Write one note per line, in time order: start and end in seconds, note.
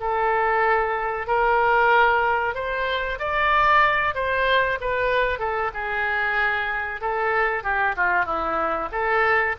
0.00 1.27 A4
1.27 2.54 A#4
2.54 3.18 C5
3.19 4.14 D5
4.14 4.78 C5
4.80 5.39 B4
5.39 5.71 A4
5.73 7.01 G#4
7.01 7.63 A4
7.63 7.95 G4
7.96 8.25 F4
8.25 8.89 E4
8.92 9.55 A4